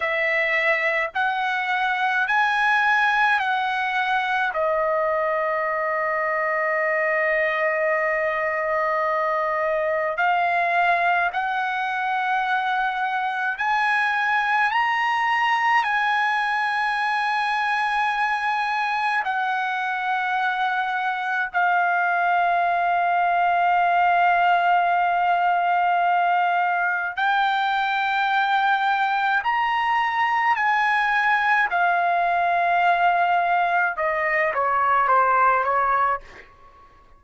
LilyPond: \new Staff \with { instrumentName = "trumpet" } { \time 4/4 \tempo 4 = 53 e''4 fis''4 gis''4 fis''4 | dis''1~ | dis''4 f''4 fis''2 | gis''4 ais''4 gis''2~ |
gis''4 fis''2 f''4~ | f''1 | g''2 ais''4 gis''4 | f''2 dis''8 cis''8 c''8 cis''8 | }